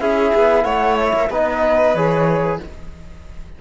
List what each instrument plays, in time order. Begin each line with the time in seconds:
0.00 cello C#4, trombone E4, violin G#4, flute E5
0.35 cello B3
0.64 cello A3, violin C#5, flute F#5
1.00 flute E5
1.14 cello A#3
1.30 cello B3, trombone D#4, violin B4, flute D#5
1.94 cello E3, trombone G#4, flute C#5